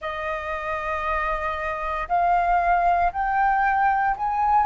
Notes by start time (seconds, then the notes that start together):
0.00 D#5
2.08 F5
3.12 G5
4.17 G#5